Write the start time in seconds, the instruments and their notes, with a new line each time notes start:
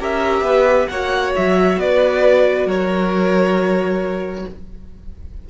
0.00 cello C#4, viola G4, violin A#4 E5
0.42 cello B3, violin B4
0.88 cello A#3, viola F#4, violin C#5 F#5
1.36 cello F#3, violin E5
1.77 cello B3, violin B4 D5
2.66 cello F#3, violin A#4 C#5